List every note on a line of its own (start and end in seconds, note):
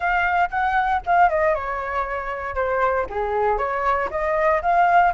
0.00 0.49 F5
0.50 1.01 F#5
1.06 1.29 F5
1.29 1.54 D#5
1.54 2.55 C#5
2.55 3.06 C5
3.09 3.58 G#4
3.58 4.09 C#5
4.10 4.61 D#5
4.62 5.13 F5